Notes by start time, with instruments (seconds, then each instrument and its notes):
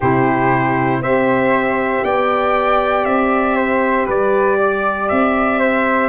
0.00 tuba C3, saxophone E4, flute G4, trumpet C5
1.00 tuba C4, saxophone G4, flute C5, trumpet E5
2.02 tuba B3, flute D5, trumpet G5
3.04 tuba C4, trumpet E5
3.56 flute C5
4.05 tuba G3, flute B4, trumpet D5
4.58 flute D5
5.08 tuba C4, trumpet E5
5.58 flute C5